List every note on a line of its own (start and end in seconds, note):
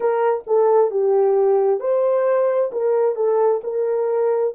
0.00 0.43 A#4
0.46 0.90 A4
0.90 1.79 G4
1.79 2.70 C5
2.71 3.15 A#4
3.15 3.61 A4
3.63 4.54 A#4